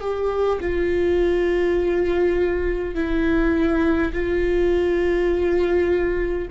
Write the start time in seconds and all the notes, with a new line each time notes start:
0.00 G4
0.60 F4
2.95 E4
4.12 F4